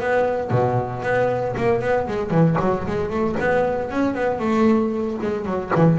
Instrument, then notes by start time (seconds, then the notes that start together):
double bass
0.00 B3
0.51 B2
1.02 B3
1.57 A#3
1.81 B3
2.07 G#3
2.30 E3
2.60 F#3
2.86 G#3
3.10 A3
3.40 B3
3.90 C#4
4.15 B3
4.39 A3
5.22 G#3
5.45 F#3
5.75 E3